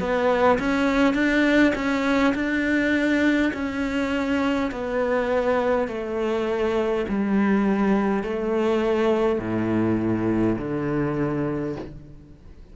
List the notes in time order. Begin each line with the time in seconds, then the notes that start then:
0.00 B3
0.59 C#4
1.14 D4
1.75 C#4
2.35 D4
3.53 C#4
4.72 B3
5.88 A3
7.09 G3
8.24 A3
9.40 A2
10.58 D3